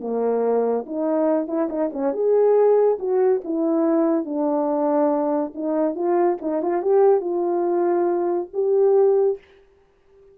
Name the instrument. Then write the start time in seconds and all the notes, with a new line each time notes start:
horn
0.00 A#3
0.86 D#4
1.47 E4
1.69 D#4
1.92 C#4
2.13 G#4
2.99 F#4
3.44 E4
4.25 D4
5.54 D#4
5.95 F4
6.41 D#4
6.62 F4
6.82 G4
7.21 F4
8.53 G4